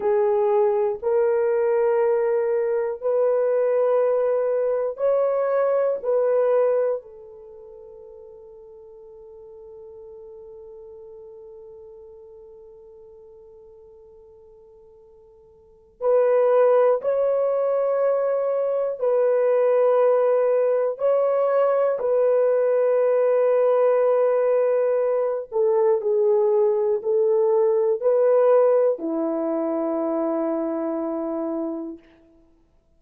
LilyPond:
\new Staff \with { instrumentName = "horn" } { \time 4/4 \tempo 4 = 60 gis'4 ais'2 b'4~ | b'4 cis''4 b'4 a'4~ | a'1~ | a'1 |
b'4 cis''2 b'4~ | b'4 cis''4 b'2~ | b'4. a'8 gis'4 a'4 | b'4 e'2. | }